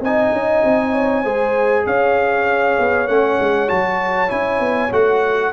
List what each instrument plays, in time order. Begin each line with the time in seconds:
0.00 tuba C4, trombone D#4, horn D#5, trumpet G#5
0.32 tuba C#4
0.64 tuba C4
0.92 horn C#5
1.22 tuba G#3, trombone G#4, horn C5
1.86 tuba C#4, horn C#5, trumpet F5
2.78 tuba B3
3.07 tuba A3, trombone C#4, trumpet F#5
3.39 tuba G#3
3.67 tuba F#3, trombone F#4, trumpet A5
4.28 tuba C#4, trombone E4, trumpet G#5
4.59 tuba B3
4.91 tuba A3, trombone F#4, trumpet F#5